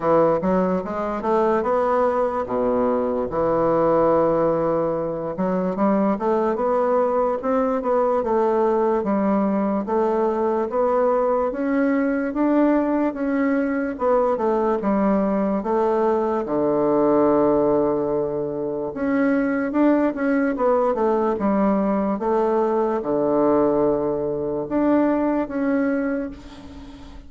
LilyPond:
\new Staff \with { instrumentName = "bassoon" } { \time 4/4 \tempo 4 = 73 e8 fis8 gis8 a8 b4 b,4 | e2~ e8 fis8 g8 a8 | b4 c'8 b8 a4 g4 | a4 b4 cis'4 d'4 |
cis'4 b8 a8 g4 a4 | d2. cis'4 | d'8 cis'8 b8 a8 g4 a4 | d2 d'4 cis'4 | }